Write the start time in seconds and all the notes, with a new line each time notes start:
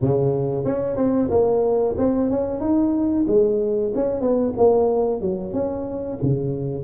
0.01 C#3
0.64 C#4
0.96 C4
1.30 A#3
1.97 C4
2.30 C#4
2.60 D#4
3.27 G#3
3.95 C#4
4.20 B3
4.57 A#3
5.21 F#3
5.53 C#4
6.22 C#3